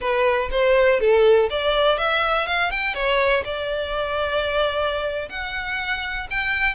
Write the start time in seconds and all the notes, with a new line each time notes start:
0.00 B4
0.51 C5
0.99 A4
1.50 D5
1.98 E5
2.46 F5
2.70 G5
2.94 C#5
3.44 D5
5.29 F#5
6.30 G5